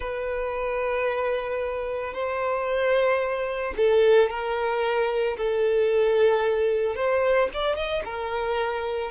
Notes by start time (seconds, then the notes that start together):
0.00 B4
2.13 C5
3.76 A4
4.29 A#4
5.37 A4
6.95 C5
7.53 D5
7.76 D#5
8.04 A#4